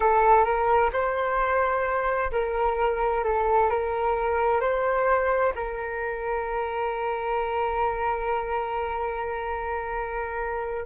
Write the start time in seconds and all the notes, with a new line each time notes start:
0.00 A4
0.44 A#4
0.92 C5
2.31 A#4
3.23 A4
3.69 A#4
4.60 C5
5.55 A#4